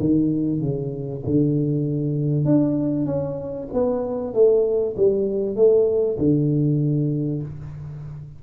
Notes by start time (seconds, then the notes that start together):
0.00 D#3
0.60 C#3
1.26 D3
2.45 D4
3.06 C#4
3.73 B3
4.34 A3
4.97 G3
5.56 A3
6.18 D3